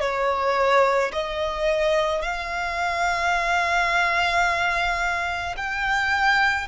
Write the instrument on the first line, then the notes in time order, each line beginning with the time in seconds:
violin
0.00 C#5
1.12 D#5
2.22 F5
5.56 G5